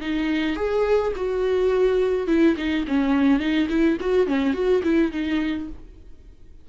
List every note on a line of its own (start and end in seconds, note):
0.00 0.56 D#4
0.56 1.12 G#4
1.16 2.27 F#4
2.27 2.55 E4
2.57 2.85 D#4
2.87 3.39 C#4
3.39 3.67 D#4
3.69 3.97 E4
4.00 4.26 F#4
4.26 4.53 C#4
4.53 4.82 F#4
4.83 5.11 E4
5.11 5.68 D#4